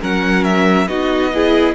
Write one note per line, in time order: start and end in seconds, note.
0.00 0.87 F#3
0.00 0.87 C#4
0.00 0.87 A#4
0.00 0.44 F#5
0.44 0.87 E5
0.87 1.74 B3
0.87 1.32 D#4
0.87 1.31 F#4
0.87 1.74 D#5
1.33 1.74 E4
1.33 1.74 G#4